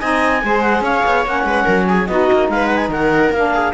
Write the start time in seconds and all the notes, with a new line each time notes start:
0.00 C4 D#4 D#5 G#5
0.44 G#3 G#4 C5
0.62 F#5
0.81 C#4 C#5 F5
1.06 B3
1.26 A#3 C#4 F#5
1.44 G#3 B4
1.65 F#3 A#4
1.87 G#4 G#5
2.07 B3 D#4 F#4 D#5
2.33 A#3
2.49 G#3 B4 F5
2.67 F#5
2.77 G#5
2.89 D#3 A#4 F#5
3.32 A#3 D4 F5
3.54 G#4